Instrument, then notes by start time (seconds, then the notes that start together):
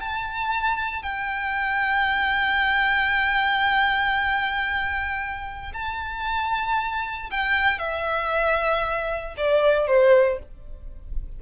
violin
0.00 A5
1.02 G5
5.73 A5
7.30 G5
7.78 E5
9.37 D5
9.87 C5